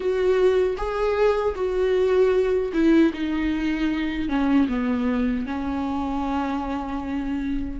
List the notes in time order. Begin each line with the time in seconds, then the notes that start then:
0.00 F#4
0.77 G#4
1.55 F#4
2.73 E4
3.13 D#4
4.28 C#4
4.68 B3
5.46 C#4